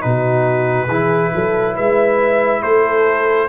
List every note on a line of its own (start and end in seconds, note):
0.00 0.88 B2
0.00 0.87 D#4
0.00 0.87 F#4
0.00 1.75 B4
0.87 1.32 E3
0.87 3.48 E4
0.87 1.30 G#4
1.34 1.78 F#3
1.34 1.74 A4
1.74 2.62 G#3
1.74 2.61 B4
1.74 2.62 E5
2.62 3.48 A3
2.62 3.48 A4
2.62 3.48 C5